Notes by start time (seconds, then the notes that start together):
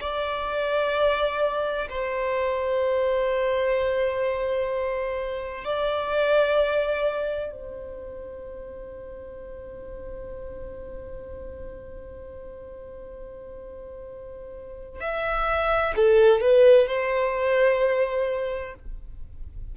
0.00 D5
1.90 C5
5.64 D5
7.51 C5
15.00 E5
15.96 A4
16.41 B4
16.87 C5